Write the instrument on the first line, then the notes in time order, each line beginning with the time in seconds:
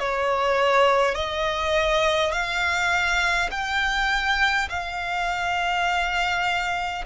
violin
0.00 C#5
1.16 D#5
2.32 F5
3.51 G5
4.70 F5